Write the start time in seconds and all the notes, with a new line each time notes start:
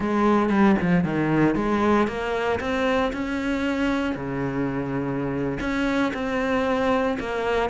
0.00 G#3
0.49 G3
0.81 F3
1.04 D#3
1.55 G#3
2.07 A#3
2.59 C4
3.12 C#4
4.15 C#3
5.60 C#4
6.13 C4
7.19 A#3